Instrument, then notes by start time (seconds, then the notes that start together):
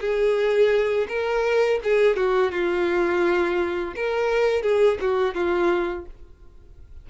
violin
0.00 G#4
1.08 A#4
1.83 G#4
2.16 F#4
2.51 F4
3.95 A#4
4.62 G#4
5.00 F#4
5.34 F4